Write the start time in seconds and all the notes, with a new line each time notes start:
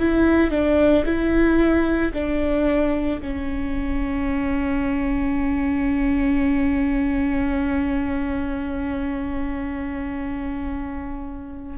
0.00 E4
0.51 D4
1.06 E4
2.14 D4
3.22 C#4